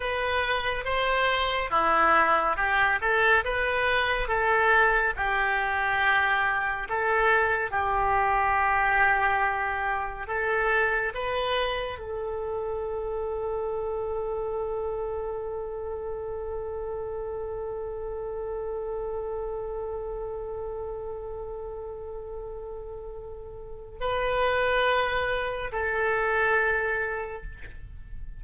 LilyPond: \new Staff \with { instrumentName = "oboe" } { \time 4/4 \tempo 4 = 70 b'4 c''4 e'4 g'8 a'8 | b'4 a'4 g'2 | a'4 g'2. | a'4 b'4 a'2~ |
a'1~ | a'1~ | a'1 | b'2 a'2 | }